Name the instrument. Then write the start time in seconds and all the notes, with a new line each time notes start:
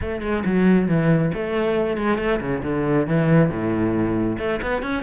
cello
0.01 A3
0.21 G#3
0.45 F#3
0.88 E3
1.34 A3
1.97 G#3
2.18 A3
2.40 C#3
2.63 D3
3.07 E3
3.50 A2
4.38 A3
4.62 B3
4.82 C#4